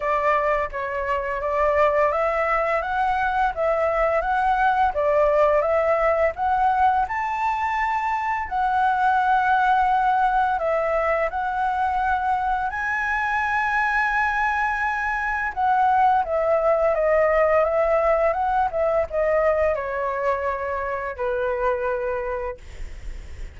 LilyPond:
\new Staff \with { instrumentName = "flute" } { \time 4/4 \tempo 4 = 85 d''4 cis''4 d''4 e''4 | fis''4 e''4 fis''4 d''4 | e''4 fis''4 a''2 | fis''2. e''4 |
fis''2 gis''2~ | gis''2 fis''4 e''4 | dis''4 e''4 fis''8 e''8 dis''4 | cis''2 b'2 | }